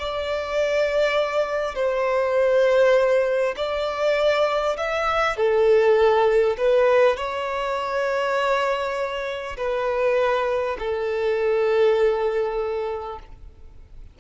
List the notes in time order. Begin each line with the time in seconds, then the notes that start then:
0.00 D5
1.76 C5
3.57 D5
4.78 E5
5.37 A4
6.58 B4
7.17 C#5
9.57 B4
10.79 A4